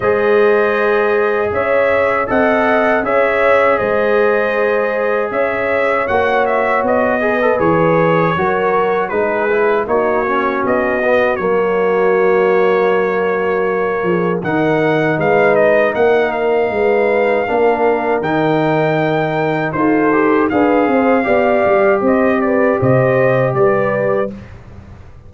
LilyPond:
<<
  \new Staff \with { instrumentName = "trumpet" } { \time 4/4 \tempo 4 = 79 dis''2 e''4 fis''4 | e''4 dis''2 e''4 | fis''8 e''8 dis''4 cis''2 | b'4 cis''4 dis''4 cis''4~ |
cis''2. fis''4 | f''8 dis''8 fis''8 f''2~ f''8 | g''2 c''4 f''4~ | f''4 dis''8 d''8 dis''4 d''4 | }
  \new Staff \with { instrumentName = "horn" } { \time 4/4 c''2 cis''4 dis''4 | cis''4 c''2 cis''4~ | cis''4. b'4. ais'4 | gis'4 fis'2.~ |
fis'2~ fis'8 gis'8 ais'4 | b'4 ais'4 b'4 ais'4~ | ais'2 a'4 b'8 c''8 | d''4 c''8 b'8 c''4 b'4 | }
  \new Staff \with { instrumentName = "trombone" } { \time 4/4 gis'2. a'4 | gis'1 | fis'4. gis'16 a'16 gis'4 fis'4 | dis'8 e'8 dis'8 cis'4 b8 ais4~ |
ais2. dis'4~ | dis'2. d'4 | dis'2 f'8 g'8 gis'4 | g'1 | }
  \new Staff \with { instrumentName = "tuba" } { \time 4/4 gis2 cis'4 c'4 | cis'4 gis2 cis'4 | ais4 b4 e4 fis4 | gis4 ais4 b4 fis4~ |
fis2~ fis8 f8 dis4 | gis4 ais4 gis4 ais4 | dis2 dis'4 d'8 c'8 | b8 g8 c'4 c4 g4 | }
>>